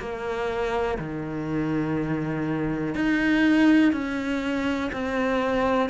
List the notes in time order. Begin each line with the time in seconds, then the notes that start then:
0.00 A#3
0.99 D#3
2.95 D#4
3.93 C#4
4.92 C4